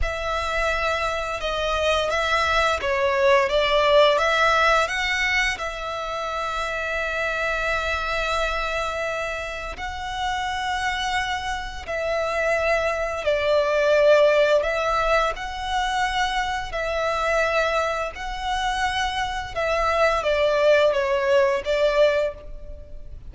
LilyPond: \new Staff \with { instrumentName = "violin" } { \time 4/4 \tempo 4 = 86 e''2 dis''4 e''4 | cis''4 d''4 e''4 fis''4 | e''1~ | e''2 fis''2~ |
fis''4 e''2 d''4~ | d''4 e''4 fis''2 | e''2 fis''2 | e''4 d''4 cis''4 d''4 | }